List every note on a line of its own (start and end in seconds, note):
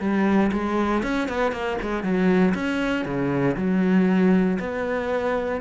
0.00 0.51 G3
0.52 1.03 G#3
1.03 1.28 C#4
1.28 1.52 B3
1.52 1.77 A#3
1.81 2.03 G#3
2.03 2.54 F#3
2.54 3.05 C#4
3.05 3.56 C#3
3.56 4.58 F#3
4.59 5.61 B3